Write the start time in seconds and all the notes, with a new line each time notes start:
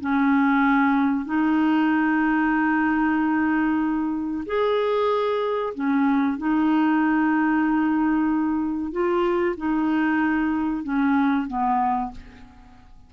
0.00 C#4
1.25 D#4
4.46 G#4
5.74 C#4
6.38 D#4
8.92 F4
9.57 D#4
10.83 C#4
11.47 B3